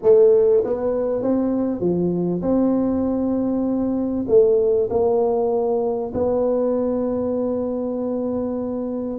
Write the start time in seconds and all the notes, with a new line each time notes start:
0.02 A3
0.64 B3
1.22 C4
1.80 F3
2.42 C4
4.28 A3
4.90 A#3
6.14 B3